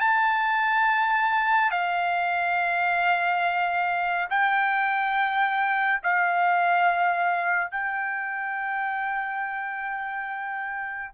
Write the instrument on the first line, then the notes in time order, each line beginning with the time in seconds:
trumpet
0.00 A5
1.71 F5
4.29 G5
6.03 F5
7.71 G5